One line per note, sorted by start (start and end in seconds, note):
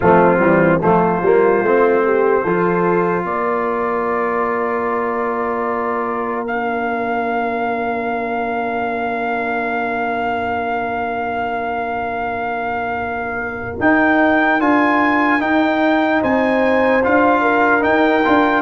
0.00 0.40 F3
0.00 0.38 A3
0.00 0.82 C4
0.00 0.81 F4
0.38 0.81 E3
0.38 0.78 G3
0.81 1.22 F3
0.81 1.21 A3
0.81 2.04 F4
0.81 3.25 C5
1.22 1.61 G3
1.22 1.65 A#3
1.61 2.42 A3
1.61 2.46 C4
2.04 2.43 G4
2.43 3.23 F3
2.43 6.47 F4
2.43 3.24 A4
3.23 13.78 A#3
3.23 16.20 A#4
3.23 6.46 D5
6.46 13.77 D4
6.46 13.76 F5
13.79 14.60 D#4
13.79 14.60 G5
14.60 15.40 D4
14.60 15.39 F4
14.60 15.41 G#5
15.39 17.01 D#4
15.39 16.21 D#4
15.39 16.22 G5
16.20 17.04 C4
16.20 17.41 C5
16.20 17.04 G#5
17.03 17.84 D4
17.03 17.80 F4
17.03 17.83 F5
17.41 18.62 A#4
17.80 18.21 D#4
17.80 18.24 D#4
17.80 18.62 G5
18.24 18.62 D4
18.24 18.62 F4